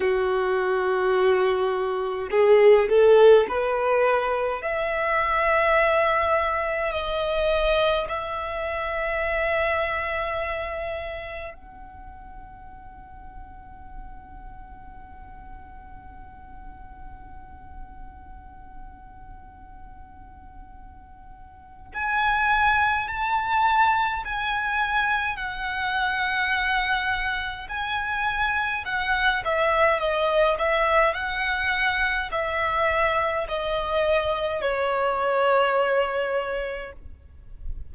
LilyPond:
\new Staff \with { instrumentName = "violin" } { \time 4/4 \tempo 4 = 52 fis'2 gis'8 a'8 b'4 | e''2 dis''4 e''4~ | e''2 fis''2~ | fis''1~ |
fis''2. gis''4 | a''4 gis''4 fis''2 | gis''4 fis''8 e''8 dis''8 e''8 fis''4 | e''4 dis''4 cis''2 | }